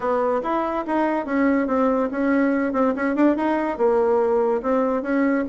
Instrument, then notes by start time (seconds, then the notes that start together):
bassoon
0.00 B3
0.42 E4
0.87 D#4
1.25 C#4
1.67 C4
2.11 C#4
2.73 C4
2.95 C#4
3.15 D4
3.36 D#4
3.77 A#3
4.62 C4
5.02 C#4